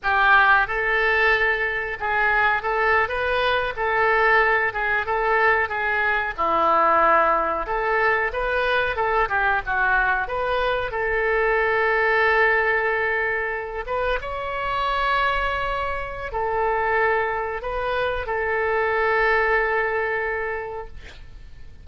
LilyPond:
\new Staff \with { instrumentName = "oboe" } { \time 4/4 \tempo 4 = 92 g'4 a'2 gis'4 | a'8. b'4 a'4. gis'8 a'16~ | a'8. gis'4 e'2 a'16~ | a'8. b'4 a'8 g'8 fis'4 b'16~ |
b'8. a'2.~ a'16~ | a'4~ a'16 b'8 cis''2~ cis''16~ | cis''4 a'2 b'4 | a'1 | }